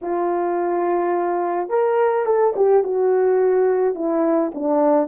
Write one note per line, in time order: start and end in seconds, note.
0.01 1.69 F4
1.69 2.25 A#4
2.25 2.54 A4
2.55 2.83 G4
2.83 3.95 F#4
3.95 4.51 E4
4.54 5.07 D4